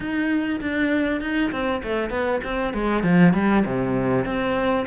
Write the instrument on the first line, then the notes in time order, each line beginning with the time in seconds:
cello
0.00 D#4
0.60 D4
1.20 D#4
1.52 C4
1.83 A3
2.10 B3
2.44 C4
2.73 G#3
3.03 F3
3.33 G3
3.65 C3
4.25 C4